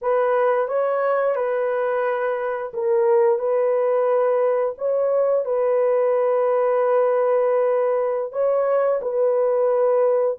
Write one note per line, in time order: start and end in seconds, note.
0.01 0.68 B4
0.68 1.35 C#5
1.35 2.71 B4
2.73 3.38 A#4
3.38 4.74 B4
4.77 5.45 C#5
5.45 8.32 B4
8.32 9.00 C#5
9.01 10.38 B4